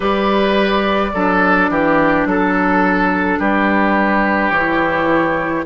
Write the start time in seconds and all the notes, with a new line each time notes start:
0.00 G3 G4 B4 D5
1.13 F#3 D4 A4
1.69 E3 G4
2.25 F#3 A4
3.39 G3 G4 B4
4.50 E3 E4 C#5